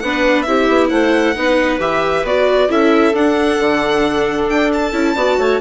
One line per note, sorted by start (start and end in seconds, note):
0.00 0.47 B3
0.00 0.47 D4
0.00 0.47 B4
0.00 0.42 F#5
0.42 0.68 C4
0.42 1.36 E4
0.42 0.90 G4
0.42 0.87 E5
0.68 0.90 B3
0.90 1.35 A3
0.90 1.35 C5
0.90 1.79 F#5
1.36 1.79 B3
1.36 1.79 D#4
1.36 2.70 B4
1.79 2.24 E3
1.79 2.24 G4
1.79 2.26 E5
2.24 2.68 B3
2.24 2.69 F#4
2.24 2.71 D5
2.69 3.13 C#4
2.69 3.14 E4
2.69 5.15 A4
2.69 3.16 E5
3.13 3.58 D4
3.13 4.93 D4
3.13 4.49 F#5
3.59 4.49 D3
4.49 4.92 D4
4.49 4.71 G5
4.73 5.61 A5
4.92 5.15 C#4
4.92 5.15 E4
5.15 5.38 B3
5.15 5.61 F#4
5.15 5.38 D5
5.38 5.60 A3
5.38 5.61 C#5